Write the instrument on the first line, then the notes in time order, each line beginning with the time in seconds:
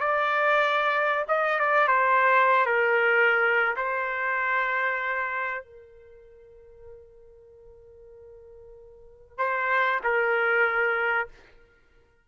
trumpet
0.00 D5
1.28 D#5
1.59 D5
1.88 C5
2.66 A#4
3.76 C5
5.64 A#4
9.38 C5
10.03 A#4